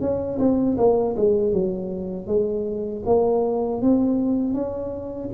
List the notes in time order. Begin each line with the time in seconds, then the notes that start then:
0.00 C#4
0.39 C4
0.77 A#3
1.16 G#3
1.52 F#3
2.26 G#3
3.05 A#3
3.81 C4
4.53 C#4